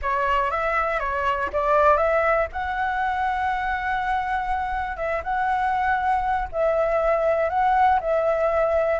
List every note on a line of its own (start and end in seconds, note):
0.02 0.50 C#5
0.50 0.99 E5
0.99 1.49 C#5
1.52 1.97 D5
1.97 2.47 E5
2.52 4.97 F#5
4.97 5.22 E5
5.23 6.48 F#5
6.52 7.49 E5
7.49 7.99 F#5
8.00 8.99 E5